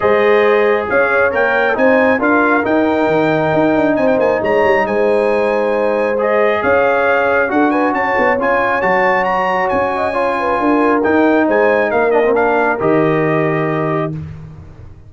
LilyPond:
<<
  \new Staff \with { instrumentName = "trumpet" } { \time 4/4 \tempo 4 = 136 dis''2 f''4 g''4 | gis''4 f''4 g''2~ | g''4 gis''16 g''16 gis''8 ais''4 gis''4~ | gis''2 dis''4 f''4~ |
f''4 fis''8 gis''8 a''4 gis''4 | a''4 ais''4 gis''2~ | gis''4 g''4 gis''4 f''8 dis''8 | f''4 dis''2. | }
  \new Staff \with { instrumentName = "horn" } { \time 4/4 c''2 cis''2 | c''4 ais'2.~ | ais'4 c''4 cis''4 c''4~ | c''2. cis''4~ |
cis''4 a'8 b'8 cis''2~ | cis''2~ cis''8 dis''8 cis''8 b'8 | ais'2 c''4 ais'4~ | ais'1 | }
  \new Staff \with { instrumentName = "trombone" } { \time 4/4 gis'2. ais'4 | dis'4 f'4 dis'2~ | dis'1~ | dis'2 gis'2~ |
gis'4 fis'2 f'4 | fis'2. f'4~ | f'4 dis'2~ dis'8 d'16 c'16 | d'4 g'2. | }
  \new Staff \with { instrumentName = "tuba" } { \time 4/4 gis2 cis'4 ais4 | c'4 d'4 dis'4 dis4 | dis'8 d'8 c'8 ais8 gis8 g8 gis4~ | gis2. cis'4~ |
cis'4 d'4 cis'8 b8 cis'4 | fis2 cis'2 | d'4 dis'4 gis4 ais4~ | ais4 dis2. | }
>>